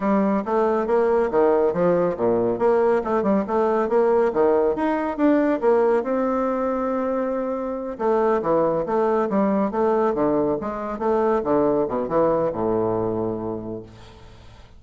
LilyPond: \new Staff \with { instrumentName = "bassoon" } { \time 4/4 \tempo 4 = 139 g4 a4 ais4 dis4 | f4 ais,4 ais4 a8 g8 | a4 ais4 dis4 dis'4 | d'4 ais4 c'2~ |
c'2~ c'8 a4 e8~ | e8 a4 g4 a4 d8~ | d8 gis4 a4 d4 b,8 | e4 a,2. | }